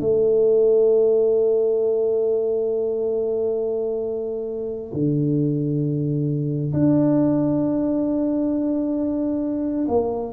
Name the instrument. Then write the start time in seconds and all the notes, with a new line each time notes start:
tuba
0.00 A3
4.93 D3
6.73 D4
9.88 A#3